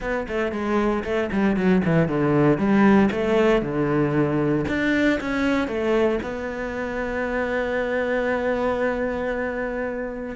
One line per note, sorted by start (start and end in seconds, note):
0.00 0.26 B3
0.28 0.51 A3
0.51 1.03 G#3
1.04 1.30 A3
1.31 1.56 G3
1.56 1.82 F#3
1.84 2.08 E3
2.08 2.57 D3
2.57 3.09 G3
3.11 3.61 A3
3.61 4.65 D3
4.68 5.19 D4
5.20 5.67 C#4
5.67 6.19 A3
6.22 10.35 B3